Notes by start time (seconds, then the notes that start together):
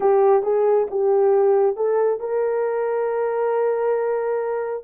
0.00 G4
0.43 G#4
0.90 G4
1.76 A4
2.20 A#4